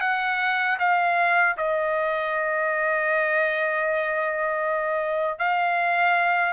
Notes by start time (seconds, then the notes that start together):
0.00 F#5
0.79 F5
1.57 D#5
5.38 F5